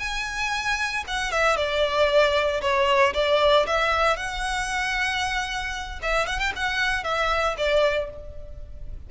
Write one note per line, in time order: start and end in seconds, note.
0.00 1.04 G#5
1.08 1.32 F#5
1.32 1.57 E5
1.57 2.61 D5
2.62 3.14 C#5
3.14 3.67 D5
3.67 4.17 E5
4.17 6.00 F#5
6.02 6.27 E5
6.27 6.40 F#5
6.40 6.53 G5
6.56 7.04 F#5
7.04 7.56 E5
7.58 8.10 D5